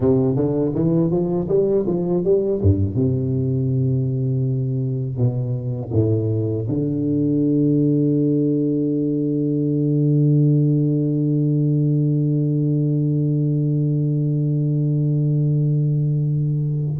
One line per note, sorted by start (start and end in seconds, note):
0.00 0.35 C3
0.35 0.72 D3
0.74 1.10 E3
1.10 1.47 F3
1.48 1.85 G3
1.87 2.24 F3
2.24 2.61 G3
2.62 2.95 G2
2.95 5.17 C3
5.17 5.91 B2
5.93 6.67 A2
6.68 16.99 D3